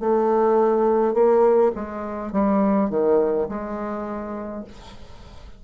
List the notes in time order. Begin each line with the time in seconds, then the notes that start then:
0.00 A3
1.14 A#3
1.75 G#3
2.32 G3
2.90 D#3
3.49 G#3